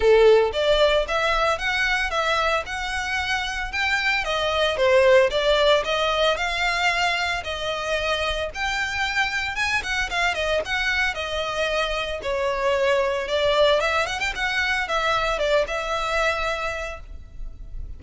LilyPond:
\new Staff \with { instrumentName = "violin" } { \time 4/4 \tempo 4 = 113 a'4 d''4 e''4 fis''4 | e''4 fis''2 g''4 | dis''4 c''4 d''4 dis''4 | f''2 dis''2 |
g''2 gis''8 fis''8 f''8 dis''8 | fis''4 dis''2 cis''4~ | cis''4 d''4 e''8 fis''16 g''16 fis''4 | e''4 d''8 e''2~ e''8 | }